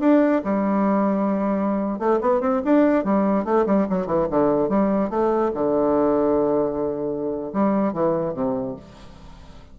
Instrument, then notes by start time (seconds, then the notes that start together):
bassoon
0.00 D4
0.44 G3
1.99 A3
2.21 B3
2.41 C4
2.64 D4
3.04 G3
3.45 A3
3.66 G3
3.90 F#3
4.07 E3
4.30 D3
4.69 G3
5.10 A3
5.54 D3
7.53 G3
7.93 E3
8.34 C3